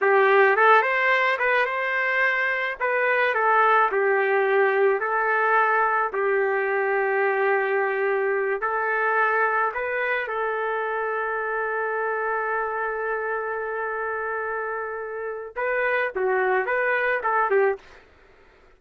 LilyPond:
\new Staff \with { instrumentName = "trumpet" } { \time 4/4 \tempo 4 = 108 g'4 a'8 c''4 b'8 c''4~ | c''4 b'4 a'4 g'4~ | g'4 a'2 g'4~ | g'2.~ g'8 a'8~ |
a'4. b'4 a'4.~ | a'1~ | a'1 | b'4 fis'4 b'4 a'8 g'8 | }